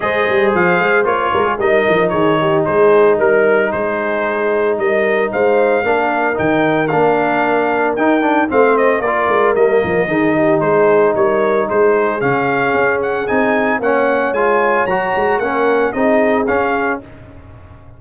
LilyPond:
<<
  \new Staff \with { instrumentName = "trumpet" } { \time 4/4 \tempo 4 = 113 dis''4 f''4 cis''4 dis''4 | cis''4 c''4 ais'4 c''4~ | c''4 dis''4 f''2 | g''4 f''2 g''4 |
f''8 dis''8 d''4 dis''2 | c''4 cis''4 c''4 f''4~ | f''8 fis''8 gis''4 fis''4 gis''4 | ais''4 fis''4 dis''4 f''4 | }
  \new Staff \with { instrumentName = "horn" } { \time 4/4 c''2~ c''8 ais'16 gis'16 ais'4 | gis'8 g'8 gis'4 ais'4 gis'4~ | gis'4 ais'4 c''4 ais'4~ | ais'1 |
c''4 ais'2 gis'8 g'8 | gis'4 ais'4 gis'2~ | gis'2 cis''2~ | cis''4 ais'4 gis'2 | }
  \new Staff \with { instrumentName = "trombone" } { \time 4/4 gis'2 f'4 dis'4~ | dis'1~ | dis'2. d'4 | dis'4 d'2 dis'8 d'8 |
c'4 f'4 ais4 dis'4~ | dis'2. cis'4~ | cis'4 dis'4 cis'4 f'4 | fis'4 cis'4 dis'4 cis'4 | }
  \new Staff \with { instrumentName = "tuba" } { \time 4/4 gis8 g8 f8 gis8 ais8 gis8 g8 f8 | dis4 gis4 g4 gis4~ | gis4 g4 gis4 ais4 | dis4 ais2 dis'4 |
a4 ais8 gis8 g8 f8 dis4 | gis4 g4 gis4 cis4 | cis'4 c'4 ais4 gis4 | fis8 gis8 ais4 c'4 cis'4 | }
>>